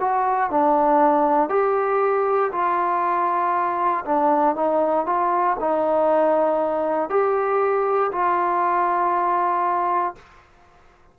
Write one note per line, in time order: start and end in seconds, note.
0.00 0.50 F#4
0.50 1.49 D4
1.49 2.51 G4
2.52 4.04 F4
4.05 4.55 D4
4.55 5.06 D#4
5.06 5.57 F4
5.60 7.10 D#4
7.10 8.11 G4
8.12 10.15 F4